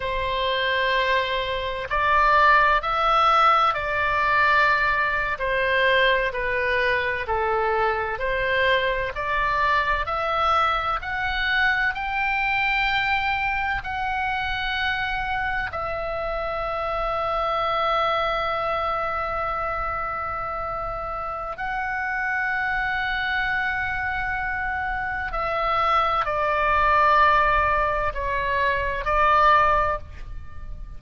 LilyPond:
\new Staff \with { instrumentName = "oboe" } { \time 4/4 \tempo 4 = 64 c''2 d''4 e''4 | d''4.~ d''16 c''4 b'4 a'16~ | a'8. c''4 d''4 e''4 fis''16~ | fis''8. g''2 fis''4~ fis''16~ |
fis''8. e''2.~ e''16~ | e''2. fis''4~ | fis''2. e''4 | d''2 cis''4 d''4 | }